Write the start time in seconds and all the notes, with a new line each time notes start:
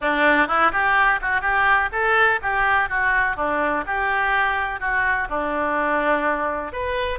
0.01 D4
0.47 E4
0.72 G4
1.21 F#4
1.41 G4
1.92 A4
2.42 G4
2.89 F#4
3.36 D4
3.86 G4
4.80 F#4
5.29 D4
6.72 B4